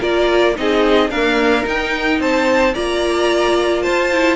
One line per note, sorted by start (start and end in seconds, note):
0.00 0.57 A#3
0.00 0.55 F4
0.00 0.55 A#4
0.00 0.57 D5
0.55 1.10 C4
0.55 1.09 D#4
0.55 1.10 G#4
0.55 1.10 D#5
1.10 1.63 A#3
1.10 1.65 D4
1.10 2.19 A#4
1.10 1.65 F5
1.63 2.72 D#4
1.63 2.20 D#4
1.63 2.21 G5
2.20 2.74 C4
2.20 2.74 C5
2.20 2.74 A5
2.74 3.86 A#3
2.74 4.11 F4
2.74 3.83 D5
2.74 3.82 A#5
3.82 4.36 F4
3.82 4.36 C5
3.82 4.36 A5
4.12 4.36 E4